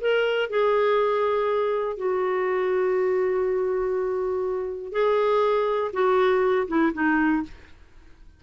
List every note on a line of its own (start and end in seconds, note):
0.00 0.49 A#4
0.49 1.97 G#4
1.97 4.92 F#4
4.92 5.91 G#4
5.93 6.67 F#4
6.67 6.92 E4
6.93 7.42 D#4